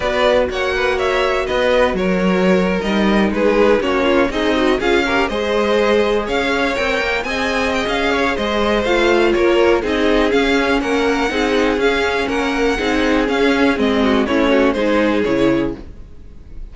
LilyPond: <<
  \new Staff \with { instrumentName = "violin" } { \time 4/4 \tempo 4 = 122 d''4 fis''4 e''4 dis''4 | cis''4.~ cis''16 dis''4 b'4 cis''16~ | cis''8. dis''4 f''4 dis''4~ dis''16~ | dis''8. f''4 g''4 gis''4 g''16 |
f''4 dis''4 f''4 cis''4 | dis''4 f''4 fis''2 | f''4 fis''2 f''4 | dis''4 cis''4 c''4 cis''4 | }
  \new Staff \with { instrumentName = "violin" } { \time 4/4 b'4 cis''8 b'8 cis''4 b'4 | ais'2~ ais'8. gis'4 fis'16~ | fis'16 f'8 dis'4 gis'8 ais'8 c''4~ c''16~ | c''8. cis''2 dis''4~ dis''16~ |
dis''8 cis''8 c''2 ais'4 | gis'2 ais'4 gis'4~ | gis'4 ais'4 gis'2~ | gis'8 fis'8 e'8 fis'8 gis'2 | }
  \new Staff \with { instrumentName = "viola" } { \time 4/4 fis'1~ | fis'4.~ fis'16 dis'2 cis'16~ | cis'8. gis'8 fis'8 f'8 g'8 gis'4~ gis'16~ | gis'4.~ gis'16 ais'4 gis'4~ gis'16~ |
gis'2 f'2 | dis'4 cis'2 dis'4 | cis'2 dis'4 cis'4 | c'4 cis'4 dis'4 e'4 | }
  \new Staff \with { instrumentName = "cello" } { \time 4/4 b4 ais2 b4 | fis4.~ fis16 g4 gis4 ais16~ | ais8. c'4 cis'4 gis4~ gis16~ | gis8. cis'4 c'8 ais8 c'4~ c'16 |
cis'4 gis4 a4 ais4 | c'4 cis'4 ais4 c'4 | cis'4 ais4 c'4 cis'4 | gis4 a4 gis4 cis4 | }
>>